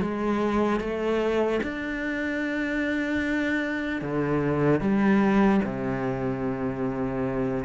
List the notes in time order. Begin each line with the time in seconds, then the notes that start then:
0.00 G#3
0.80 A3
1.63 D4
4.01 D3
4.80 G3
5.64 C3